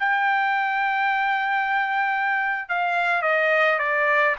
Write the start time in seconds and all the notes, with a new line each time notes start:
0.00 G5
2.69 F5
3.22 D#5
3.79 D5